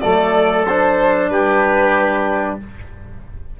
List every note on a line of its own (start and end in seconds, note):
0.00 1.30 F#3
0.00 0.66 A3
0.00 1.29 A4
0.00 0.64 D5
0.66 2.59 D4
0.66 1.29 C5
1.29 2.57 G3
1.29 2.59 G4
1.29 2.57 B4